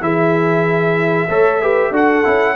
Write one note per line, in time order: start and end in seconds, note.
0.00 1.28 E3
0.00 1.29 E4
0.00 1.29 G#4
0.00 1.94 E5
1.28 1.91 A3
1.28 1.62 A4
1.28 1.61 C#5
1.61 1.93 G4
1.61 1.90 B4
1.90 2.23 D4
1.90 2.23 F#4
1.90 2.54 A4
1.90 2.55 F#5
2.23 2.55 C#4
2.23 2.55 E4